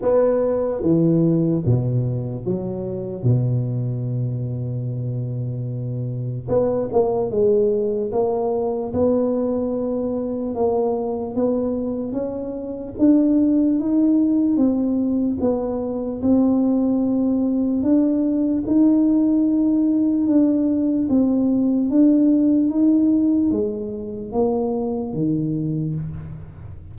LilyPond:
\new Staff \with { instrumentName = "tuba" } { \time 4/4 \tempo 4 = 74 b4 e4 b,4 fis4 | b,1 | b8 ais8 gis4 ais4 b4~ | b4 ais4 b4 cis'4 |
d'4 dis'4 c'4 b4 | c'2 d'4 dis'4~ | dis'4 d'4 c'4 d'4 | dis'4 gis4 ais4 dis4 | }